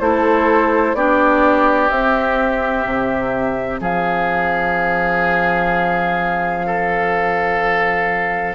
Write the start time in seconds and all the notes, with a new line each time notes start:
0.00 A3 E4 A4 C5
0.94 B3 D4 G4 D5
1.89 C4 E5
2.85 C3
3.80 F3 G#4 F5
6.66 A4